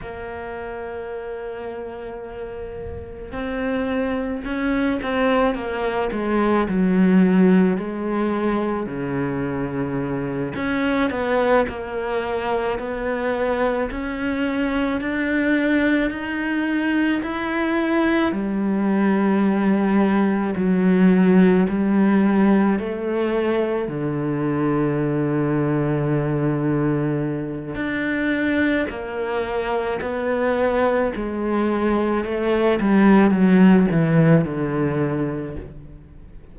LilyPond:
\new Staff \with { instrumentName = "cello" } { \time 4/4 \tempo 4 = 54 ais2. c'4 | cis'8 c'8 ais8 gis8 fis4 gis4 | cis4. cis'8 b8 ais4 b8~ | b8 cis'4 d'4 dis'4 e'8~ |
e'8 g2 fis4 g8~ | g8 a4 d2~ d8~ | d4 d'4 ais4 b4 | gis4 a8 g8 fis8 e8 d4 | }